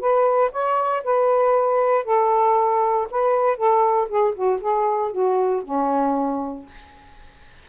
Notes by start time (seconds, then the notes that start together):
0.00 B4
0.52 C#5
1.04 B4
2.05 A4
3.11 B4
3.57 A4
4.09 G#4
4.35 F#4
4.61 G#4
5.12 F#4
5.64 C#4